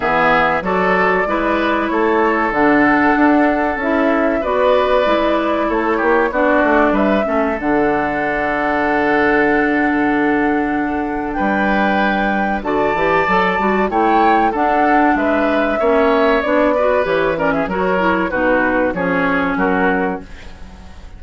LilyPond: <<
  \new Staff \with { instrumentName = "flute" } { \time 4/4 \tempo 4 = 95 e''4 d''2 cis''4 | fis''2 e''4 d''4~ | d''4 cis''4 d''4 e''4 | fis''1~ |
fis''2 g''2 | a''2 g''4 fis''4 | e''2 d''4 cis''8 d''16 e''16 | cis''4 b'4 cis''4 ais'4 | }
  \new Staff \with { instrumentName = "oboe" } { \time 4/4 gis'4 a'4 b'4 a'4~ | a'2. b'4~ | b'4 a'8 g'8 fis'4 b'8 a'8~ | a'1~ |
a'2 b'2 | d''2 cis''4 a'4 | b'4 cis''4. b'4 ais'16 gis'16 | ais'4 fis'4 gis'4 fis'4 | }
  \new Staff \with { instrumentName = "clarinet" } { \time 4/4 b4 fis'4 e'2 | d'2 e'4 fis'4 | e'2 d'4. cis'8 | d'1~ |
d'1 | fis'8 g'8 a'8 fis'8 e'4 d'4~ | d'4 cis'4 d'8 fis'8 g'8 cis'8 | fis'8 e'8 dis'4 cis'2 | }
  \new Staff \with { instrumentName = "bassoon" } { \time 4/4 e4 fis4 gis4 a4 | d4 d'4 cis'4 b4 | gis4 a8 ais8 b8 a8 g8 a8 | d1~ |
d2 g2 | d8 e8 fis8 g8 a4 d'4 | gis4 ais4 b4 e4 | fis4 b,4 f4 fis4 | }
>>